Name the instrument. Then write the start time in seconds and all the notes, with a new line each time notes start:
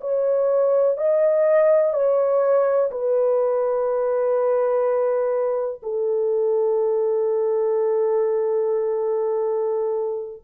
horn
0.00 C#5
0.97 D#5
1.93 C#5
2.90 B4
5.82 A4